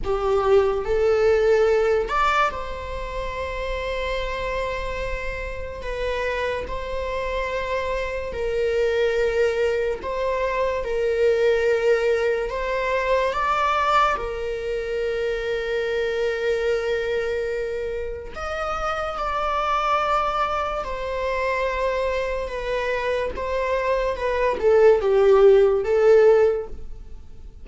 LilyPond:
\new Staff \with { instrumentName = "viola" } { \time 4/4 \tempo 4 = 72 g'4 a'4. d''8 c''4~ | c''2. b'4 | c''2 ais'2 | c''4 ais'2 c''4 |
d''4 ais'2.~ | ais'2 dis''4 d''4~ | d''4 c''2 b'4 | c''4 b'8 a'8 g'4 a'4 | }